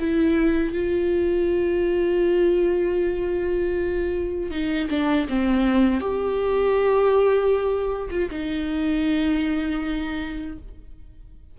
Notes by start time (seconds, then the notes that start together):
0.00 E4
0.74 F4
4.51 D#4
4.90 D4
5.29 C4
6.01 G4
8.11 F4
8.31 D#4